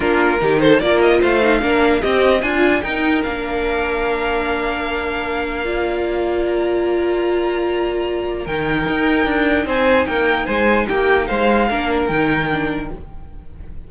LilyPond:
<<
  \new Staff \with { instrumentName = "violin" } { \time 4/4 \tempo 4 = 149 ais'4. c''8 d''8 dis''8 f''4~ | f''4 dis''4 gis''4 g''4 | f''1~ | f''1 |
ais''1~ | ais''4 g''2. | gis''4 g''4 gis''4 g''4 | f''2 g''2 | }
  \new Staff \with { instrumentName = "violin" } { \time 4/4 f'4 g'8 a'8 ais'4 c''4 | ais'4 g'4 f'4 ais'4~ | ais'1~ | ais'2 d''2~ |
d''1~ | d''4 ais'2. | c''4 ais'4 c''4 g'4 | c''4 ais'2. | }
  \new Staff \with { instrumentName = "viola" } { \time 4/4 d'4 dis'4 f'4. dis'8 | d'4 c'4 f'4 dis'4 | d'1~ | d'2 f'2~ |
f'1~ | f'4 dis'2.~ | dis'1~ | dis'4 d'4 dis'4 d'4 | }
  \new Staff \with { instrumentName = "cello" } { \time 4/4 ais4 dis4 ais4 a4 | ais4 c'4 d'4 dis'4 | ais1~ | ais1~ |
ais1~ | ais4 dis4 dis'4 d'4 | c'4 ais4 gis4 ais4 | gis4 ais4 dis2 | }
>>